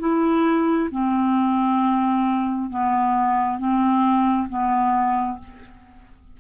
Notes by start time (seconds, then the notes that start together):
0.00 E4
0.92 C4
2.70 B3
3.59 C4
4.49 B3